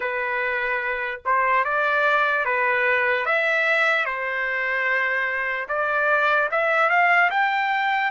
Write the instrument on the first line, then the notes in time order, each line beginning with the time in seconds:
trumpet
0.00 B4
1.25 C5
1.64 D5
2.45 B4
3.25 E5
4.05 C5
5.68 D5
6.51 E5
6.89 F5
7.30 G5